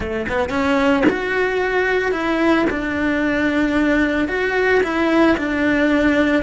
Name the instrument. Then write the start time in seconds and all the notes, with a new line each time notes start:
cello
0.00 A3
0.28 B3
0.49 C#4
1.09 F#4
2.11 E4
2.70 D4
4.27 F#4
4.83 E4
5.37 D4